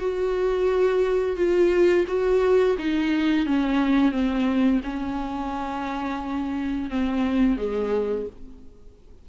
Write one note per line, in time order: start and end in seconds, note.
0.00 1.36 F#4
1.36 2.05 F4
2.08 2.77 F#4
2.79 3.46 D#4
3.46 4.12 C#4
4.12 4.81 C4
4.84 6.90 C#4
6.90 7.58 C4
7.58 8.27 G#3